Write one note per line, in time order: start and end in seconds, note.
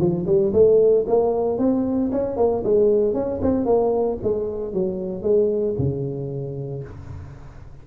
0.00 0.26 F3
0.27 0.53 G3
0.53 1.06 A3
1.08 1.59 A#3
1.59 2.11 C4
2.12 2.37 C#4
2.37 2.63 A#3
2.64 3.14 G#3
3.14 3.40 C#4
3.42 3.66 C4
3.66 4.18 A#3
4.23 4.74 G#3
4.74 5.23 F#3
5.23 5.76 G#3
5.79 6.84 C#3